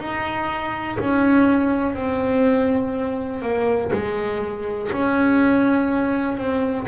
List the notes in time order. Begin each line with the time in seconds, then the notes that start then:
0.00 D#4
1.00 C#4
1.95 C4
3.42 A#3
3.93 G#3
4.93 C#4
6.38 C4